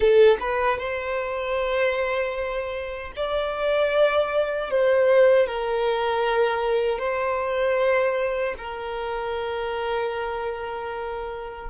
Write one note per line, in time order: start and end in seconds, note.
0.00 0.37 A4
0.40 0.78 B4
0.78 3.12 C5
3.16 4.70 D5
4.70 5.46 C5
5.46 6.98 A#4
6.98 8.54 C5
8.58 11.70 A#4